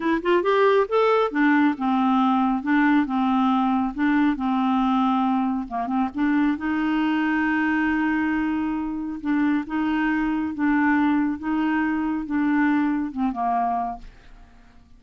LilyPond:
\new Staff \with { instrumentName = "clarinet" } { \time 4/4 \tempo 4 = 137 e'8 f'8 g'4 a'4 d'4 | c'2 d'4 c'4~ | c'4 d'4 c'2~ | c'4 ais8 c'8 d'4 dis'4~ |
dis'1~ | dis'4 d'4 dis'2 | d'2 dis'2 | d'2 c'8 ais4. | }